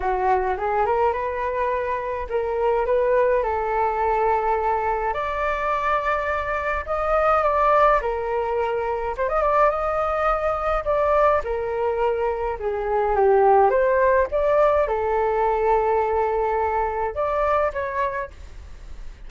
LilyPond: \new Staff \with { instrumentName = "flute" } { \time 4/4 \tempo 4 = 105 fis'4 gis'8 ais'8 b'2 | ais'4 b'4 a'2~ | a'4 d''2. | dis''4 d''4 ais'2 |
c''16 dis''16 d''8 dis''2 d''4 | ais'2 gis'4 g'4 | c''4 d''4 a'2~ | a'2 d''4 cis''4 | }